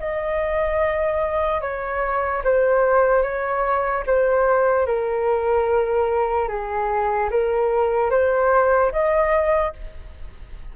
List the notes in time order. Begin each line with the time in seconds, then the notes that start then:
0.00 D#5
1.61 C#5
2.44 C5
3.23 C#5
4.07 C5
4.87 A#4
6.49 G#4
7.31 A#4
8.11 C5
8.92 D#5